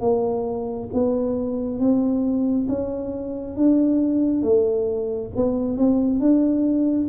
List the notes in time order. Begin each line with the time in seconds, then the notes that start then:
0.00 A#3
0.93 B3
1.79 C4
2.68 C#4
3.57 D4
4.42 A3
5.35 B3
5.77 C4
6.19 D4